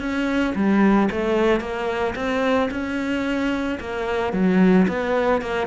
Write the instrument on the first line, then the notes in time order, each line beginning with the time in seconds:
cello
0.00 C#4
0.55 G3
1.11 A3
1.60 A#3
2.16 C4
2.71 C#4
3.80 A#3
4.33 F#3
4.88 B3
5.42 A#3